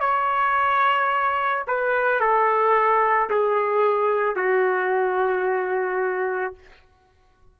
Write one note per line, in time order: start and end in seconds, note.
0.00 1.64 C#5
1.67 2.20 B4
2.20 3.29 A4
3.29 4.35 G#4
4.35 6.54 F#4